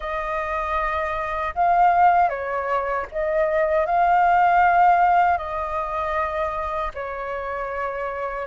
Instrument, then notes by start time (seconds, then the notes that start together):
flute
0.00 D#5
1.54 F5
2.29 C#5
3.11 D#5
3.86 F5
5.37 D#5
6.94 C#5